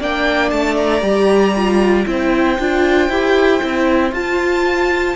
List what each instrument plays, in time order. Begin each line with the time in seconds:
0.00 cello A#3, viola D4, violin D5 G5
0.50 cello A3, violin A5
0.77 violin A#5
1.01 cello G3, viola G4
1.56 viola F4
2.06 cello C4, viola E4, violin C5 G5
2.59 cello D4, viola F4
3.09 cello E4, viola G4
3.60 cello C4, viola E4
4.12 cello F4, viola F4, violin A5